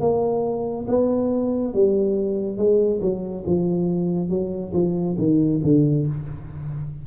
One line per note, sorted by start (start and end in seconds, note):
0.00 0.86 A#3
0.88 1.73 B3
1.73 2.57 G3
2.57 3.00 G#3
3.01 3.44 F#3
3.46 4.29 F3
4.29 4.72 F#3
4.73 5.16 F3
5.18 5.61 D#3
5.63 6.06 D3